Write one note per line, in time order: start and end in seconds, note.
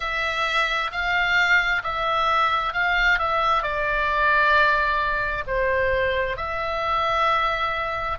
0.00 0.91 E5
0.91 1.82 F5
1.83 2.73 E5
2.73 3.18 F5
3.19 3.62 E5
3.62 5.44 D5
5.46 6.36 C5
6.36 8.18 E5